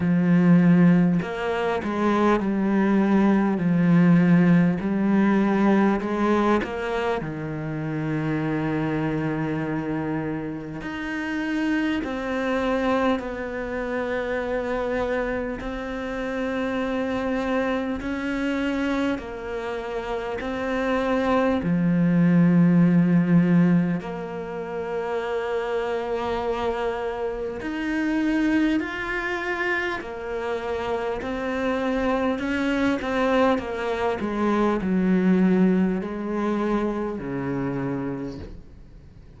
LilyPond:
\new Staff \with { instrumentName = "cello" } { \time 4/4 \tempo 4 = 50 f4 ais8 gis8 g4 f4 | g4 gis8 ais8 dis2~ | dis4 dis'4 c'4 b4~ | b4 c'2 cis'4 |
ais4 c'4 f2 | ais2. dis'4 | f'4 ais4 c'4 cis'8 c'8 | ais8 gis8 fis4 gis4 cis4 | }